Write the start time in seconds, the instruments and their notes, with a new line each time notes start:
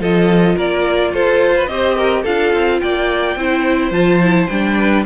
0.00 cello F3, viola F4, violin A4 D#5
0.56 cello A#3, violin A#4 D5
1.13 cello F4, violin A4 C5
1.56 violin B4
1.67 cello C4, viola G4, violin C5 D#5
1.96 violin A#4
2.23 cello D4, viola F4, violin A4 F5
2.54 cello C4
2.80 cello A#3, violin D5 G5
3.36 cello C4, viola E4, violin C5
3.91 cello F3, viola F4, violin A5
4.22 viola E4
4.47 cello G3, viola D4, violin G5
4.78 violin B4